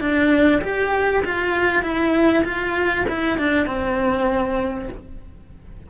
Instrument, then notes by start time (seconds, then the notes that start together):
cello
0.00 D4
0.62 G4
1.25 F4
1.83 E4
2.44 F4
3.09 E4
3.38 D4
3.66 C4